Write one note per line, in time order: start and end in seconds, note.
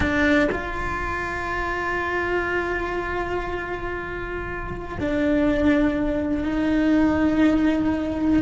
0.00 0.48 D4
0.51 4.98 F4
4.99 6.44 D4
6.44 8.42 D#4